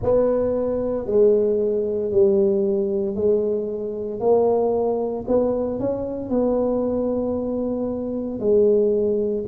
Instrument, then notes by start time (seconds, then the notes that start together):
tuba
0.02 B3
1.06 G#3
2.11 G3
3.15 G#3
4.20 A#3
5.27 B3
5.79 C#4
6.29 B3
8.39 G#3